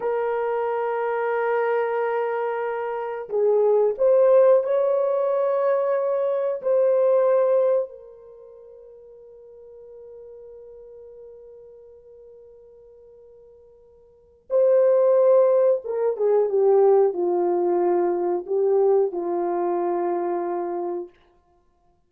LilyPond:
\new Staff \with { instrumentName = "horn" } { \time 4/4 \tempo 4 = 91 ais'1~ | ais'4 gis'4 c''4 cis''4~ | cis''2 c''2 | ais'1~ |
ais'1~ | ais'2 c''2 | ais'8 gis'8 g'4 f'2 | g'4 f'2. | }